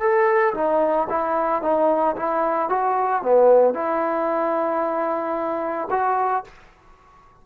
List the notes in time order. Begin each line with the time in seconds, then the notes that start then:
0.00 A4
0.54 D#4
1.10 E4
1.62 D#4
2.16 E4
2.69 F#4
3.22 B3
3.74 E4
5.91 F#4